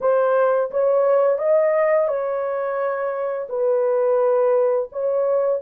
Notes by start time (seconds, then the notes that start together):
0.00 C5
0.70 C#5
1.38 D#5
2.07 C#5
3.49 B4
4.92 C#5